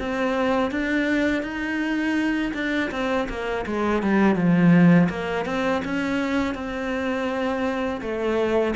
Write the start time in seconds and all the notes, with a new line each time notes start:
0.00 C4
0.72 D4
1.43 D#4
2.54 D4
2.92 C4
3.30 A#3
3.67 G#3
4.03 G3
4.36 F3
5.10 A#3
5.46 C4
5.85 C#4
6.55 C4
8.02 A3